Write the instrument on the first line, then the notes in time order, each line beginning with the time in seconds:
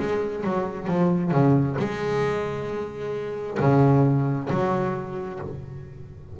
double bass
0.00 G#3
0.44 F#3
0.88 F3
1.32 C#3
1.79 G#3
3.60 C#3
4.50 F#3